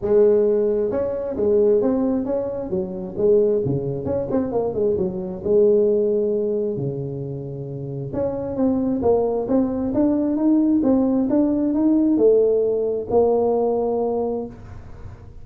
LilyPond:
\new Staff \with { instrumentName = "tuba" } { \time 4/4 \tempo 4 = 133 gis2 cis'4 gis4 | c'4 cis'4 fis4 gis4 | cis4 cis'8 c'8 ais8 gis8 fis4 | gis2. cis4~ |
cis2 cis'4 c'4 | ais4 c'4 d'4 dis'4 | c'4 d'4 dis'4 a4~ | a4 ais2. | }